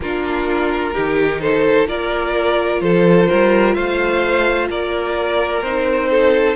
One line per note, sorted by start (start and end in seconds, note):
0.00 0.93 A#3
0.00 0.94 D4
0.00 0.93 F4
0.00 1.40 A#4
0.93 1.87 D#3
0.93 1.87 D#4
0.93 1.40 G4
1.40 1.88 A4
1.40 1.87 C5
1.87 2.80 A#3
1.87 5.62 F4
1.87 2.81 A#4
1.87 2.80 D5
2.80 3.27 F3
2.80 3.29 A4
2.80 3.74 C5
3.29 3.75 G3
3.29 3.74 A#4
3.74 4.69 A3
3.74 4.68 C5
3.74 4.67 F5
4.69 5.62 A#3
4.69 6.09 A#4
4.69 5.62 D5
5.62 6.55 C4
5.62 6.55 D#4
5.62 6.55 C5
6.10 6.55 A4